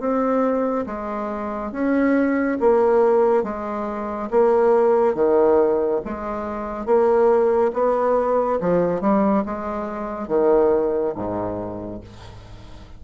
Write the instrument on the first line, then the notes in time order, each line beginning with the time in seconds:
bassoon
0.00 C4
0.86 G#3
1.72 C#4
2.60 A#3
3.44 G#3
4.31 A#3
5.15 D#3
6.05 G#3
6.86 A#3
7.74 B3
8.61 F3
9.01 G3
9.46 G#3
10.28 D#3
11.15 G#2